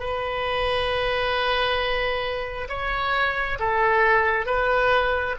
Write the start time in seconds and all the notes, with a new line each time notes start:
0.00 B4
2.69 C#5
3.59 A4
4.47 B4